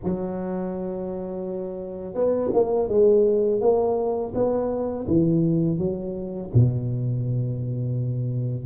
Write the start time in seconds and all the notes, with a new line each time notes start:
0.03 F#3
2.14 B3
2.53 A#3
2.88 G#3
3.60 A#3
4.34 B3
5.07 E3
5.78 F#3
6.54 B2